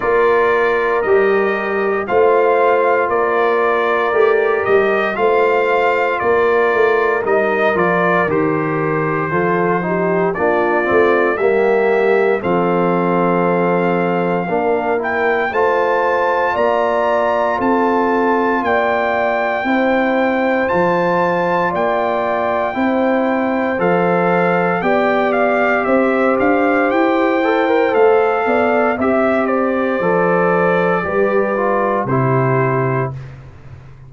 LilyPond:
<<
  \new Staff \with { instrumentName = "trumpet" } { \time 4/4 \tempo 4 = 58 d''4 dis''4 f''4 d''4~ | d''8 dis''8 f''4 d''4 dis''8 d''8 | c''2 d''4 e''4 | f''2~ f''8 g''8 a''4 |
ais''4 a''4 g''2 | a''4 g''2 f''4 | g''8 f''8 e''8 f''8 g''4 f''4 | e''8 d''2~ d''8 c''4 | }
  \new Staff \with { instrumentName = "horn" } { \time 4/4 ais'2 c''4 ais'4~ | ais'4 c''4 ais'2~ | ais'4 a'8 g'8 f'4 g'4 | a'2 ais'4 c''4 |
d''4 a'4 d''4 c''4~ | c''4 d''4 c''2 | d''4 c''2~ c''8 d''8 | e''8 c''4. b'4 g'4 | }
  \new Staff \with { instrumentName = "trombone" } { \time 4/4 f'4 g'4 f'2 | g'4 f'2 dis'8 f'8 | g'4 f'8 dis'8 d'8 c'8 ais4 | c'2 d'8 e'8 f'4~ |
f'2. e'4 | f'2 e'4 a'4 | g'2~ g'8 a'16 ais'16 a'4 | g'4 a'4 g'8 f'8 e'4 | }
  \new Staff \with { instrumentName = "tuba" } { \time 4/4 ais4 g4 a4 ais4 | a8 g8 a4 ais8 a8 g8 f8 | dis4 f4 ais8 a8 g4 | f2 ais4 a4 |
ais4 c'4 ais4 c'4 | f4 ais4 c'4 f4 | b4 c'8 d'8 e'4 a8 b8 | c'4 f4 g4 c4 | }
>>